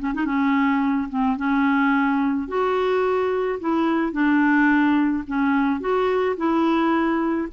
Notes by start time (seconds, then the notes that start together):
0.00 C#4
0.14 D#4
0.26 C#4
1.09 C4
1.37 C#4
2.48 F#4
3.60 E4
4.13 D4
5.28 C#4
5.81 F#4
6.37 E4